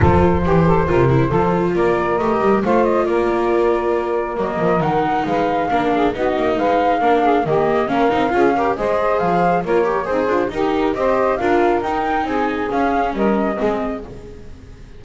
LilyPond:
<<
  \new Staff \with { instrumentName = "flute" } { \time 4/4 \tempo 4 = 137 c''1 | d''4 dis''4 f''8 dis''8 d''4~ | d''2 dis''4 fis''4 | f''2 dis''4 f''4~ |
f''4 dis''4 f''2 | dis''4 f''4 cis''4 c''4 | ais'4 dis''4 f''4 g''4 | gis''4 f''4 dis''2 | }
  \new Staff \with { instrumentName = "saxophone" } { \time 4/4 a'4 g'8 a'8 ais'4 a'4 | ais'2 c''4 ais'4~ | ais'1 | b'4 ais'8 gis'8 fis'4 b'4 |
ais'8 gis'8 g'4 ais'4 gis'8 ais'8 | c''2 ais'4 dis'8 f'8 | g'4 c''4 ais'2 | gis'2 ais'4 gis'4 | }
  \new Staff \with { instrumentName = "viola" } { \time 4/4 f'4 g'4 f'8 e'8 f'4~ | f'4 g'4 f'2~ | f'2 ais4 dis'4~ | dis'4 d'4 dis'2 |
d'4 ais4 cis'8 dis'8 f'8 g'8 | gis'2 f'8 g'8 gis'4 | dis'4 g'4 f'4 dis'4~ | dis'4 cis'2 c'4 | }
  \new Staff \with { instrumentName = "double bass" } { \time 4/4 f4 e4 c4 f4 | ais4 a8 g8 a4 ais4~ | ais2 fis8 f8 dis4 | gis4 ais4 b8 ais8 gis4 |
ais4 dis4 ais8 c'8 cis'4 | gis4 f4 ais4 c'8 d'8 | dis'4 c'4 d'4 dis'4 | c'4 cis'4 g4 gis4 | }
>>